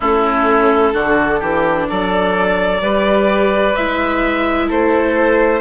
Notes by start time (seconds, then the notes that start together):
0.00 A3 C#4 E4 A4
0.93 D3 D4 F#4
1.39 E3 G4
1.89 F#3 A4 D5
2.81 G3 G4 B4
3.75 G#3 E4 E5
4.67 A3 A4 C5